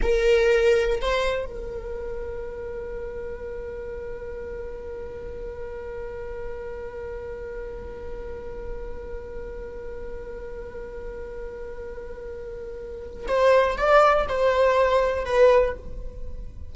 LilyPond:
\new Staff \with { instrumentName = "viola" } { \time 4/4 \tempo 4 = 122 ais'2 c''4 ais'4~ | ais'1~ | ais'1~ | ais'1~ |
ais'1~ | ais'1~ | ais'2. c''4 | d''4 c''2 b'4 | }